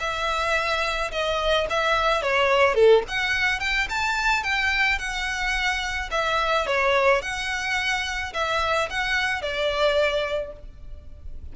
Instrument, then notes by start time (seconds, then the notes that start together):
violin
0.00 E5
1.12 D#5
1.70 E5
2.23 C#5
2.75 A4
3.09 F#5
3.60 G5
3.90 A5
4.44 G5
4.99 F#5
6.12 E5
6.67 C#5
7.22 F#5
8.34 E5
8.90 F#5
9.42 D5